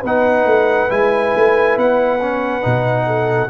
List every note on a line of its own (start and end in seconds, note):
0.00 0.45 B3
0.00 3.04 B4
0.00 0.90 F#5
0.06 0.88 D#4
0.45 0.88 A3
0.88 1.34 G#3
0.88 2.19 E4
0.88 1.77 G#5
1.35 1.76 A3
1.76 2.63 B3
1.76 3.50 F#5
2.20 2.61 C#4
2.61 3.50 B2
2.61 3.48 D#4
3.06 3.49 A4